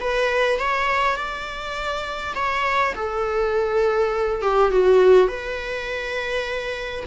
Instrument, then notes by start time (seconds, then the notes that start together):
viola
0.00 B4
0.59 C#5
1.16 D5
2.35 C#5
2.95 A4
4.42 G4
4.71 F#4
5.28 B4